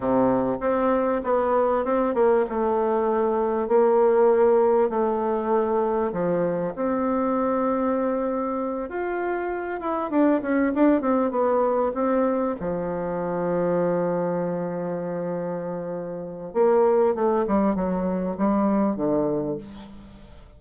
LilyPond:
\new Staff \with { instrumentName = "bassoon" } { \time 4/4 \tempo 4 = 98 c4 c'4 b4 c'8 ais8 | a2 ais2 | a2 f4 c'4~ | c'2~ c'8 f'4. |
e'8 d'8 cis'8 d'8 c'8 b4 c'8~ | c'8 f2.~ f8~ | f2. ais4 | a8 g8 fis4 g4 d4 | }